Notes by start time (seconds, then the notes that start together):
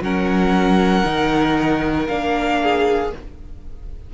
0.00 F#3 C#4 A#4 F#5
1.04 D#3 D#4
2.07 A#3 D4 F5
2.62 G#4